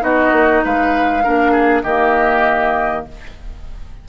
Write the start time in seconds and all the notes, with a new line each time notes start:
0.00 B3 D#4 F#4 D#5
0.31 A#3
0.64 G#3 B4 F5
1.23 A#3 D4 A#4
1.52 G#4
1.82 D#3 A#3 G4 D#5